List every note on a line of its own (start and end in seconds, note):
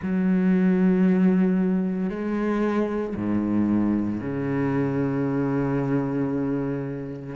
0.02 2.09 F#3
2.09 3.14 G#3
3.15 4.21 G#2
4.21 7.35 C#3